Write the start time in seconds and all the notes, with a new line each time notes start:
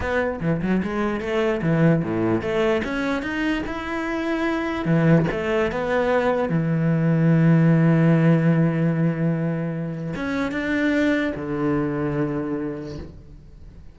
0.00 B3
0.40 E3
0.62 F#3
0.82 G#3
1.20 A3
1.62 E3
2.03 A2
2.41 A3
2.83 C#4
3.22 D#4
3.66 E4
4.85 E3
5.31 A3
5.71 B3
6.49 E3
10.15 C#4
10.51 D4
11.35 D3